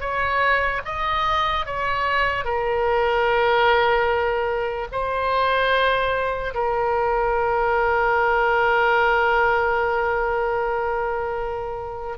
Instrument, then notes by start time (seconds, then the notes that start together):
oboe
0.00 C#5
0.85 D#5
1.65 C#5
2.44 A#4
4.92 C5
6.54 A#4